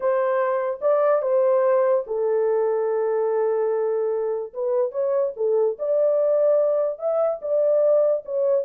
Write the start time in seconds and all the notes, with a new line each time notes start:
0.00 C5
0.81 D5
1.22 C5
2.06 A4
4.53 B4
4.91 C#5
5.36 A4
5.79 D5
6.98 E5
7.41 D5
8.25 C#5